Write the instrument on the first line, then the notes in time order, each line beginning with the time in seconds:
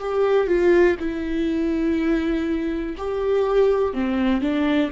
viola
0.00 G4
0.47 F4
0.99 E4
2.98 G4
3.93 C4
4.41 D4